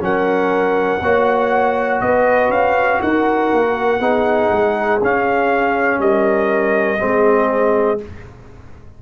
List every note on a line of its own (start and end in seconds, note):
0.00 1.00 F#3
0.00 1.00 C#4
0.00 1.02 A#4
0.00 2.01 F#5
1.01 2.01 A#3
1.01 4.00 F#4
1.01 2.02 C#5
2.01 2.49 B3
2.01 3.02 B4
2.01 2.51 D#5
2.49 2.99 C#4
2.49 3.01 F5
3.01 3.52 D#4
3.01 3.99 A#4
3.01 5.01 F#5
3.52 4.00 A#3
3.99 4.50 B3
3.99 5.00 D#4
3.99 5.99 G#4
4.50 5.00 G#3
5.01 5.98 C#4
5.01 6.98 C#4
5.01 6.00 F5
5.98 6.98 G3
5.98 7.00 A#4
5.98 8.00 D#5
6.98 8.02 G#3
6.98 7.98 C4
6.98 8.01 G#4